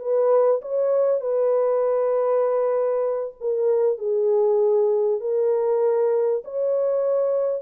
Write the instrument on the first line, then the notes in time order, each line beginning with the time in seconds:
horn
0.00 B4
0.62 C#5
1.21 B4
3.41 A#4
3.99 G#4
5.21 A#4
6.45 C#5